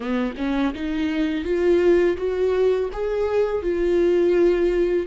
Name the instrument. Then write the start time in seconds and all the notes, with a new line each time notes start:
viola
0.00 B3
0.37 C#4
0.74 D#4
1.44 F4
2.17 F#4
2.92 G#4
3.62 F4